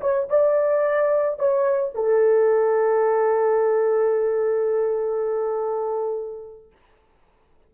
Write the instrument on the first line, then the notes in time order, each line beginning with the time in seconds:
horn
0.00 C#5
0.29 D5
1.39 C#5
1.94 A4